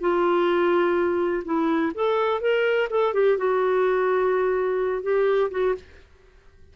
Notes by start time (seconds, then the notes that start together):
0.00 F4
1.45 E4
1.94 A4
2.41 A#4
2.90 A4
3.13 G4
3.37 F#4
5.03 G4
5.51 F#4